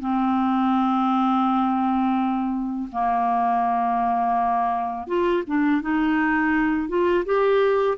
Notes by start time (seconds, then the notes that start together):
0.00 C4
2.92 A#3
5.07 F4
5.46 D4
5.82 D#4
6.88 F4
7.25 G4